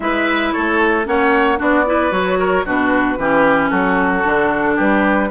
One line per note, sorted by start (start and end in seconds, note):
0.00 0.52 G#3
0.00 1.04 E4
0.00 0.53 B4
0.00 0.52 E5
0.52 1.06 A3
0.52 1.06 A4
0.52 1.05 C#5
1.04 1.59 A#3
1.04 1.57 C#4
1.04 1.58 C#5
1.04 1.59 F#5
1.57 2.11 B3
1.57 1.84 D4
1.57 1.85 F#4
1.57 2.12 D5
1.86 2.10 E4
1.86 2.38 B4
2.10 2.64 F#3
2.10 2.63 F#4
2.10 2.65 C#5
2.38 2.65 A#4
2.65 3.18 B2
2.65 3.18 D4
2.65 3.18 F#4
2.65 3.70 B4
3.18 3.71 E3
3.18 4.23 C#4
3.18 3.70 G4
3.70 4.24 F#3
3.70 4.75 F#4
3.70 4.76 A4
4.23 4.78 D3
4.23 5.30 D4
4.75 5.31 G3
4.75 5.28 G4
4.75 5.31 B4